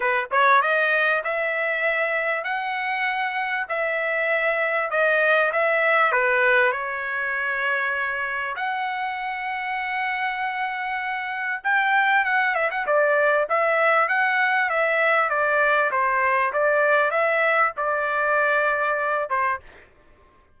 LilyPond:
\new Staff \with { instrumentName = "trumpet" } { \time 4/4 \tempo 4 = 98 b'8 cis''8 dis''4 e''2 | fis''2 e''2 | dis''4 e''4 b'4 cis''4~ | cis''2 fis''2~ |
fis''2. g''4 | fis''8 e''16 fis''16 d''4 e''4 fis''4 | e''4 d''4 c''4 d''4 | e''4 d''2~ d''8 c''8 | }